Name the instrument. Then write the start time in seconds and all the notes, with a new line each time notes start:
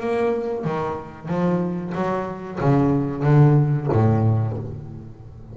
double bass
0.00 A#3
0.64 D#3
1.28 F3
1.95 F#3
2.60 C#3
3.23 D3
3.92 A2